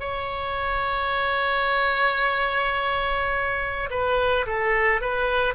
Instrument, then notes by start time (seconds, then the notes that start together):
oboe
0.00 C#5
3.90 B4
4.46 A4
5.01 B4